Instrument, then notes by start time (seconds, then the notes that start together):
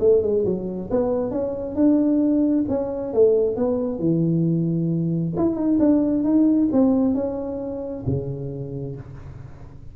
tuba
0.00 A3
0.22 G#3
0.45 F#3
0.91 B3
1.31 C#4
1.76 D4
2.69 C#4
3.14 A3
3.57 B3
3.99 E3
5.37 E4
5.56 D#4
5.80 D4
6.24 D#4
6.72 C4
7.15 C#4
8.07 C#3